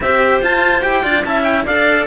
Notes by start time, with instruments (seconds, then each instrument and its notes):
0.00 cello C4 G4, clarinet C5, trumpet E5
0.41 cello F4, trumpet A5
0.82 cello E4 G4, trumpet G5
1.03 cello D4 F4, clarinet D5
1.24 cello C#4 E4, clarinet E5, trumpet A5
1.43 trumpet G5
1.65 cello D4 A4, clarinet D5, trumpet F5